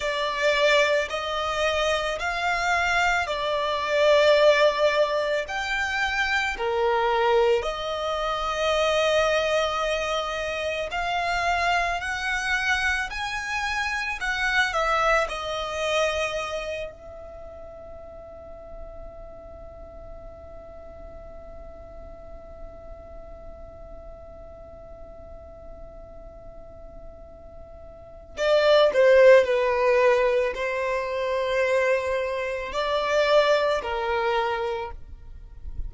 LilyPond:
\new Staff \with { instrumentName = "violin" } { \time 4/4 \tempo 4 = 55 d''4 dis''4 f''4 d''4~ | d''4 g''4 ais'4 dis''4~ | dis''2 f''4 fis''4 | gis''4 fis''8 e''8 dis''4. e''8~ |
e''1~ | e''1~ | e''2 d''8 c''8 b'4 | c''2 d''4 ais'4 | }